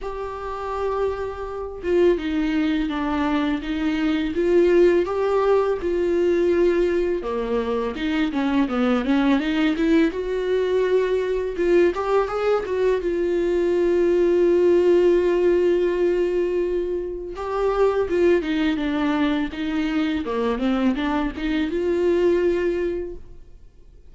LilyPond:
\new Staff \with { instrumentName = "viola" } { \time 4/4 \tempo 4 = 83 g'2~ g'8 f'8 dis'4 | d'4 dis'4 f'4 g'4 | f'2 ais4 dis'8 cis'8 | b8 cis'8 dis'8 e'8 fis'2 |
f'8 g'8 gis'8 fis'8 f'2~ | f'1 | g'4 f'8 dis'8 d'4 dis'4 | ais8 c'8 d'8 dis'8 f'2 | }